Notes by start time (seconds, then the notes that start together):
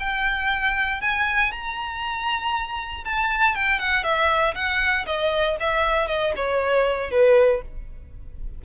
0.00 G5
1.01 G#5
1.52 A#5
3.05 A5
3.55 G5
3.80 F#5
4.04 E5
4.55 F#5
5.06 D#5
5.60 E5
6.08 D#5
6.36 C#5
7.11 B4